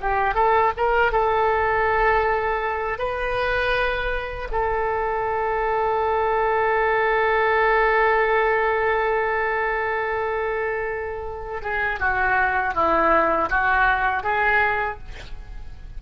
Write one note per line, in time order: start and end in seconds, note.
0.00 0.34 G4
0.34 0.71 A4
0.77 1.12 A#4
1.12 2.98 A4
2.98 4.48 B4
4.51 11.61 A4
11.61 11.99 G#4
11.99 12.74 F#4
12.74 13.49 E4
13.49 14.23 F#4
14.23 14.98 G#4